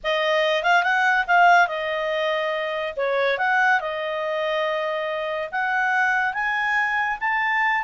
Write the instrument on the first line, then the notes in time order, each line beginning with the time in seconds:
clarinet
0.03 D#5
0.63 F5
0.83 F#5
1.27 F5
1.67 D#5
2.96 C#5
3.38 F#5
3.80 D#5
5.51 F#5
6.33 G#5
7.20 A5